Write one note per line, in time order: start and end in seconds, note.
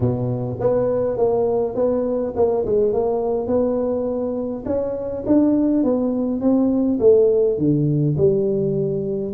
0.00 0.58 B2
0.60 1.17 B3
1.17 1.75 A#3
1.75 2.33 B3
2.36 2.65 A#3
2.65 2.92 G#3
2.92 3.47 A#3
3.47 4.63 B3
4.65 5.23 C#4
5.26 5.83 D4
5.83 6.40 B3
6.40 6.98 C4
6.99 7.58 A3
7.58 8.16 D3
8.17 9.33 G3